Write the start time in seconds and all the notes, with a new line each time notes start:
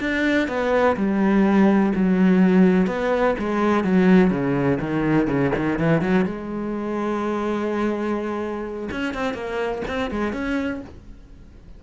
0.00 D4
0.48 B3
0.96 G3
1.95 F#3
2.87 B3
3.39 G#3
3.84 F#3
4.30 C#3
4.80 D#3
5.27 C#3
5.56 D#3
5.79 E3
6.01 F#3
6.25 G#3
8.91 C#4
9.14 C4
9.34 A#3
9.87 C4
10.11 G#3
10.33 C#4